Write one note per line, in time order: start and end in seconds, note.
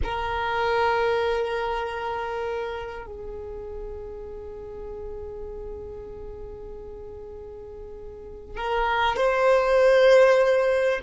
0.03 3.06 A#4
3.06 8.56 G#4
8.56 9.16 A#4
9.16 11.00 C5